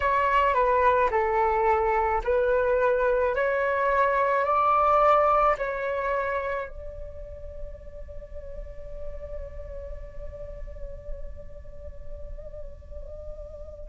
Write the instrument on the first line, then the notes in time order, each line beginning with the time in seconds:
flute
0.00 C#5
0.54 B4
1.11 A4
2.24 B4
3.35 C#5
4.44 D5
5.58 C#5
6.68 D5